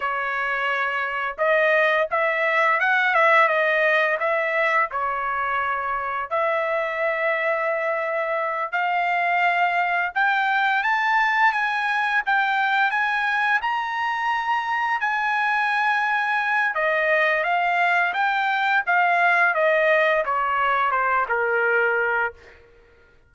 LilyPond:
\new Staff \with { instrumentName = "trumpet" } { \time 4/4 \tempo 4 = 86 cis''2 dis''4 e''4 | fis''8 e''8 dis''4 e''4 cis''4~ | cis''4 e''2.~ | e''8 f''2 g''4 a''8~ |
a''8 gis''4 g''4 gis''4 ais''8~ | ais''4. gis''2~ gis''8 | dis''4 f''4 g''4 f''4 | dis''4 cis''4 c''8 ais'4. | }